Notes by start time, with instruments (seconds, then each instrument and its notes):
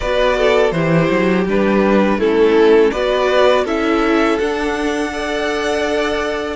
0.00 cello B3, viola F#4, violin B4 D5
0.37 violin A4
0.71 cello E3, viola E4, violin G4 C5
1.10 cello F#3
1.46 cello G3, viola D4, violin B4
2.17 cello A3, viola C#4, violin E4 A4
2.91 cello B3, viola F#4, violin B4 D5
3.64 cello C#4, viola E4, violin A4 E5
4.38 cello D4, viola D4, violin F#5
5.12 viola A4, violin D5